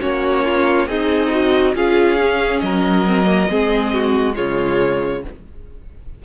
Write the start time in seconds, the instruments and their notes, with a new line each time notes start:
0.00 cello A#3, viola C#4, violin F#4 C#5
0.44 violin F4
0.86 cello C4, violin D#4 D#5, viola G#4
1.31 viola F#4
1.74 cello C#4, viola F4, violin G#4 F5
2.18 viola C#4
2.59 cello F#3, violin A#4 D#5
3.06 viola C4
3.25 viola A#3
3.50 cello G#3, viola C4, violin G#4
3.93 violin F#4
4.33 cello C#3, viola G#3, violin F4 C#5